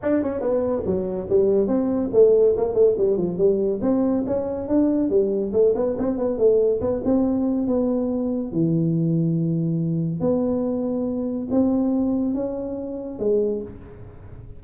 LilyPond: \new Staff \with { instrumentName = "tuba" } { \time 4/4 \tempo 4 = 141 d'8 cis'8 b4 fis4 g4 | c'4 a4 ais8 a8 g8 f8 | g4 c'4 cis'4 d'4 | g4 a8 b8 c'8 b8 a4 |
b8 c'4. b2 | e1 | b2. c'4~ | c'4 cis'2 gis4 | }